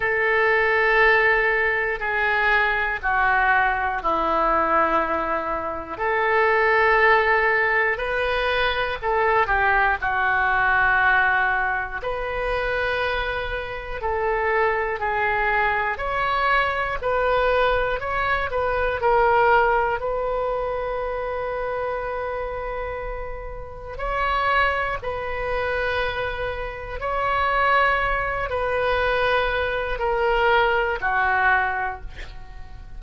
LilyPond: \new Staff \with { instrumentName = "oboe" } { \time 4/4 \tempo 4 = 60 a'2 gis'4 fis'4 | e'2 a'2 | b'4 a'8 g'8 fis'2 | b'2 a'4 gis'4 |
cis''4 b'4 cis''8 b'8 ais'4 | b'1 | cis''4 b'2 cis''4~ | cis''8 b'4. ais'4 fis'4 | }